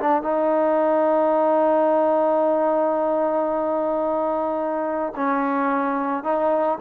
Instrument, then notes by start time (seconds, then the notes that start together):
trombone
0.00 D4
0.23 D#4
5.16 C#4
6.24 D#4